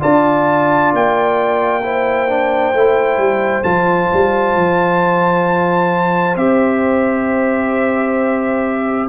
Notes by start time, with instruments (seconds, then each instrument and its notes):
0.00 tuba D4, trombone F4, horn D5, trumpet A5
0.93 tuba A#3, trumpet G5
1.83 trombone E4, horn C5
2.28 trombone D4
2.74 tuba A3, trombone E4
3.18 tuba G3
3.64 tuba F3, trombone F4, trumpet A5
4.13 tuba G3
4.56 tuba F3
6.36 tuba C4, trombone G4, trumpet E5